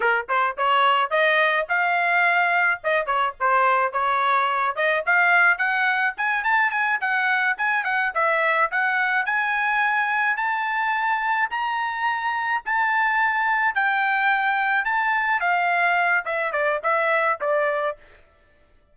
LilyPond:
\new Staff \with { instrumentName = "trumpet" } { \time 4/4 \tempo 4 = 107 ais'8 c''8 cis''4 dis''4 f''4~ | f''4 dis''8 cis''8 c''4 cis''4~ | cis''8 dis''8 f''4 fis''4 gis''8 a''8 | gis''8 fis''4 gis''8 fis''8 e''4 fis''8~ |
fis''8 gis''2 a''4.~ | a''8 ais''2 a''4.~ | a''8 g''2 a''4 f''8~ | f''4 e''8 d''8 e''4 d''4 | }